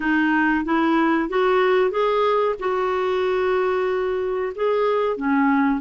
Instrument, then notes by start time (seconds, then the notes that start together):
clarinet
0.00 D#4
0.65 E4
1.29 F#4
1.90 G#4
2.59 F#4
4.55 G#4
5.16 C#4